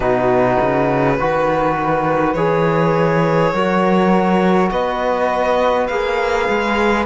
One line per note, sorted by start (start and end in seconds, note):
0.00 0.57 B2
0.00 1.16 D#4
0.00 1.15 F#4
0.00 2.33 B4
0.60 1.19 C#3
1.19 2.35 D#3
1.19 2.37 F#4
1.19 3.54 B4
2.33 3.52 E3
2.33 3.54 G#4
2.33 4.69 C#5
3.53 4.70 F#3
3.53 5.90 F#4
3.53 4.71 A#4
4.71 5.88 B3
4.71 7.06 B4
4.71 5.87 D#5
5.87 6.48 A#3
5.87 7.06 G#4
5.87 7.04 F5
6.48 7.06 G#3